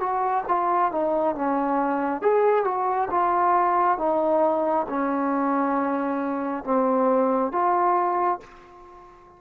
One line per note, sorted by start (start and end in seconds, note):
0.00 0.44 F#4
0.48 0.91 F4
0.91 1.35 D#4
1.35 2.21 C#4
2.21 2.64 G#4
2.64 3.08 F#4
3.10 3.98 F4
3.98 4.86 D#4
4.89 6.64 C#4
6.64 7.52 C4
7.52 8.40 F4